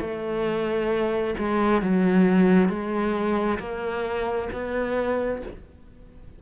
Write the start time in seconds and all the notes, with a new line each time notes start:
0.00 A3
1.38 G#3
1.82 F#3
2.69 G#3
3.59 A#3
4.52 B3